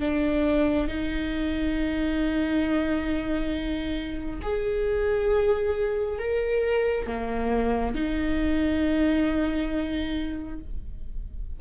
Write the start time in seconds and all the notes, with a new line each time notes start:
0.00 D4
0.88 D#4
4.43 G#4
6.19 A#4
7.07 A#3
7.95 D#4